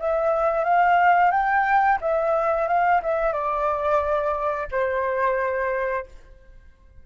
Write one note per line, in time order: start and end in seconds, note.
0.00 0.65 E5
0.65 1.31 F5
1.31 1.99 G5
2.02 2.68 E5
2.68 3.02 F5
3.03 3.33 E5
3.33 4.68 D5
4.72 6.07 C5